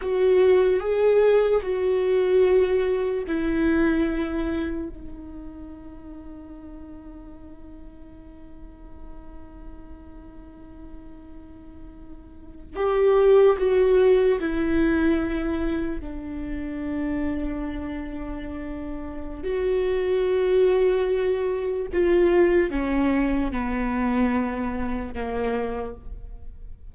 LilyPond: \new Staff \with { instrumentName = "viola" } { \time 4/4 \tempo 4 = 74 fis'4 gis'4 fis'2 | e'2 dis'2~ | dis'1~ | dis'2.~ dis'8. g'16~ |
g'8. fis'4 e'2 d'16~ | d'1 | fis'2. f'4 | cis'4 b2 ais4 | }